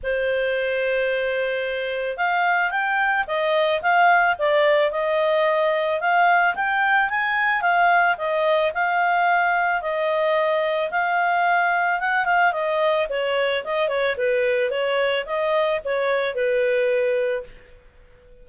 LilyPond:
\new Staff \with { instrumentName = "clarinet" } { \time 4/4 \tempo 4 = 110 c''1 | f''4 g''4 dis''4 f''4 | d''4 dis''2 f''4 | g''4 gis''4 f''4 dis''4 |
f''2 dis''2 | f''2 fis''8 f''8 dis''4 | cis''4 dis''8 cis''8 b'4 cis''4 | dis''4 cis''4 b'2 | }